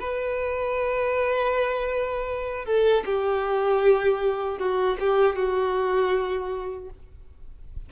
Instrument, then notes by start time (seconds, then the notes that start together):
violin
0.00 B4
2.65 A4
3.06 G4
4.58 F#4
5.00 G4
5.36 F#4